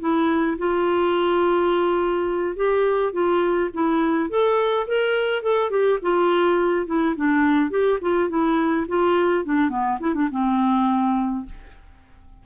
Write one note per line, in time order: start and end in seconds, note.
0.00 0.57 E4
0.58 2.56 F4
2.56 3.13 G4
3.13 3.70 F4
3.74 4.30 E4
4.30 4.87 A4
4.88 5.43 A#4
5.43 5.70 A4
5.70 5.99 G4
6.02 6.87 F4
6.87 7.15 E4
7.16 7.70 D4
7.70 7.99 G4
8.02 8.29 F4
8.29 8.86 E4
8.88 9.45 F4
9.45 9.70 D4
9.70 9.98 B3
10.00 10.15 E4
10.15 10.29 D4
10.31 11.46 C4